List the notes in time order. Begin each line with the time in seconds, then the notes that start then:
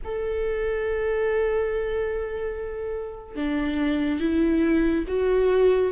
0.04 A4
3.35 D4
4.20 E4
5.07 F#4